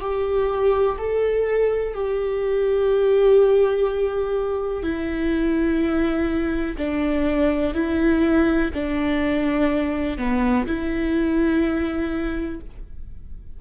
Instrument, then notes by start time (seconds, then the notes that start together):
viola
0.00 G4
0.98 A4
1.94 G4
4.83 E4
6.77 D4
7.74 E4
8.74 D4
10.17 B3
10.66 E4